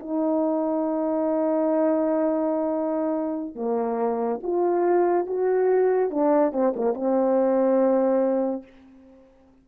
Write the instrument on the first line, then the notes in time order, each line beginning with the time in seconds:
horn
0.00 D#4
3.56 A#3
4.43 F4
5.27 F#4
6.11 D4
6.53 C4
6.76 A#3
6.94 C4